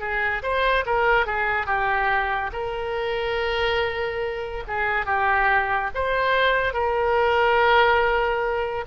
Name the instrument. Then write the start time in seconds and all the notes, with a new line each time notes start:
oboe
0.00 G#4
0.42 C5
0.86 A#4
1.26 G#4
1.66 G4
2.53 A#4
4.67 G#4
5.06 G4
5.95 C5
6.73 A#4